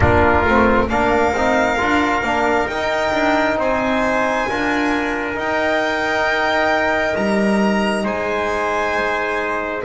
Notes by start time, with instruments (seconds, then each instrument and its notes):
0.00 double bass A#3, trombone D4, trumpet F4, violin A#4
0.44 double bass A3, trombone C4
0.89 double bass A#3, trombone D4, trumpet A#4, violin F5
1.32 double bass C4, trombone D#4
1.77 double bass D4, trombone F4
2.22 double bass A#3, trombone D4
2.67 double bass D#4, trombone D#4, violin G5
3.12 double bass D4
3.57 double bass C4, trumpet C5, violin G#5
4.48 double bass D4, trombone F4, trumpet A#4
5.35 trombone D#4, double bass D#4, violin G5
7.15 double bass G3, violin A#5
8.04 double bass G#3, trumpet C5, violin G#5